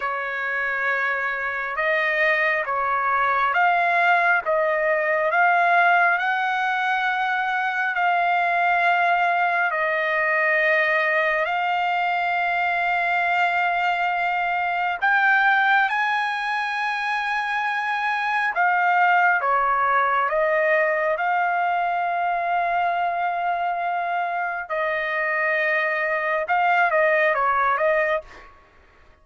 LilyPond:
\new Staff \with { instrumentName = "trumpet" } { \time 4/4 \tempo 4 = 68 cis''2 dis''4 cis''4 | f''4 dis''4 f''4 fis''4~ | fis''4 f''2 dis''4~ | dis''4 f''2.~ |
f''4 g''4 gis''2~ | gis''4 f''4 cis''4 dis''4 | f''1 | dis''2 f''8 dis''8 cis''8 dis''8 | }